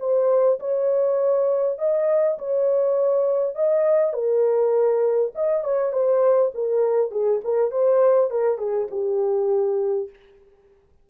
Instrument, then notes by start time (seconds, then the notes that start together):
horn
0.00 C5
0.60 C#5
1.79 D#5
2.39 C#5
3.56 D#5
4.14 A#4
5.35 D#5
5.64 C#5
5.93 C5
6.55 A#4
7.12 G#4
7.44 A#4
7.72 C5
8.31 A#4
8.59 G#4
8.91 G4